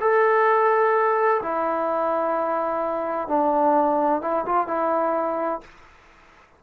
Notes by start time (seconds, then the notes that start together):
0.00 A4
1.42 E4
3.28 D4
4.21 E4
4.45 F4
4.67 E4